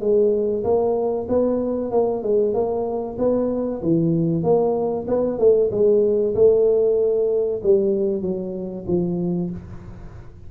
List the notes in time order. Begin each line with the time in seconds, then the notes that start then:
0.00 G#3
0.63 A#3
1.29 B3
1.91 A#3
2.22 G#3
2.53 A#3
3.18 B3
3.82 E3
4.43 A#3
5.07 B3
5.39 A3
5.71 G#3
6.34 A3
7.63 G3
8.22 F#3
8.87 F3